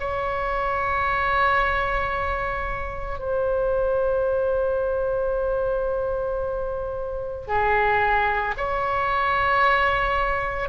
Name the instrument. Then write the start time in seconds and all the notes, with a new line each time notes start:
oboe
0.00 C#5
3.19 C5
7.47 G#4
8.57 C#5